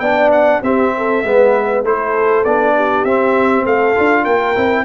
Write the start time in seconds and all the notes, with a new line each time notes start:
0.00 B3 D4 D5 G5
0.32 F#5
0.62 C4 G4 E5
0.97 A4
1.24 G#3 B3 B4
1.84 A3 E4 A4 C5
2.44 B3 D4 D5
2.76 G4
3.05 C4 E5
3.66 A3 A4 F5
3.96 D4 F4
4.23 A#3 A#4 G5
4.56 C4 E4